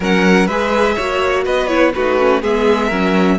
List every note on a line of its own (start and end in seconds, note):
0.00 0.48 F#3
0.00 0.49 C#4
0.00 0.46 A#4
0.00 0.47 F#5
0.46 0.96 G#3
0.46 0.99 G#4
0.46 0.94 B4
0.46 1.43 E5
0.95 1.46 A#3
0.95 1.68 F#4
0.95 1.43 C#5
1.44 1.94 B3
1.44 1.92 B4
1.44 1.67 D#5
1.67 1.92 E4
1.67 1.91 C#5
1.93 2.42 A3
1.93 2.18 D#4
1.93 2.41 F#4
1.93 2.42 B4
2.18 2.42 C#4
2.41 2.91 G#3
2.41 2.90 B3
2.41 2.86 G#4
2.41 3.38 E5
2.86 3.38 F#3
2.86 3.38 C#4
2.86 3.35 A#4